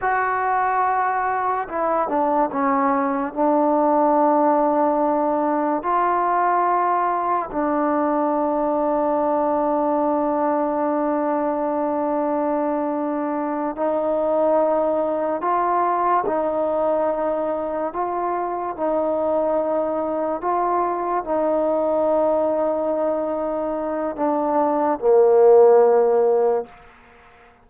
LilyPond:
\new Staff \with { instrumentName = "trombone" } { \time 4/4 \tempo 4 = 72 fis'2 e'8 d'8 cis'4 | d'2. f'4~ | f'4 d'2.~ | d'1~ |
d'8 dis'2 f'4 dis'8~ | dis'4. f'4 dis'4.~ | dis'8 f'4 dis'2~ dis'8~ | dis'4 d'4 ais2 | }